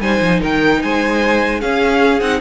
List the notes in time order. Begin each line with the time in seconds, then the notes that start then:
0.00 G3 D#4 C5 G#5
0.21 F3
0.40 D#3 A#4 G5
0.82 G#3 C5 G#5
1.60 C#4 G#4 F5
2.20 C4 D#4 F#5